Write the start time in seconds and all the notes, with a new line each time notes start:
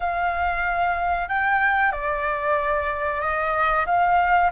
0.00 F5
1.28 G5
1.91 D5
3.21 D#5
3.86 F5